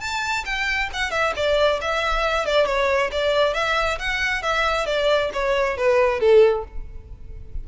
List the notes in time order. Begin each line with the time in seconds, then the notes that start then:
0.00 A5
0.45 G5
0.93 F#5
1.10 E5
1.36 D5
1.81 E5
2.45 D5
2.66 C#5
3.11 D5
3.54 E5
3.99 F#5
4.42 E5
4.86 D5
5.33 C#5
5.77 B4
6.20 A4